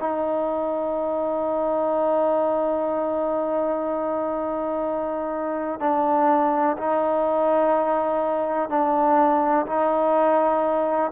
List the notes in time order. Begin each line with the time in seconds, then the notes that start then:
0.00 D#4
5.80 D4
6.77 D#4
8.69 D4
9.66 D#4